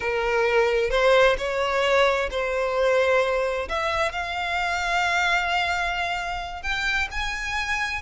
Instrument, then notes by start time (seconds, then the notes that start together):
violin
0.00 A#4
0.90 C5
1.37 C#5
2.30 C5
3.68 E5
4.12 F5
6.62 G5
7.11 G#5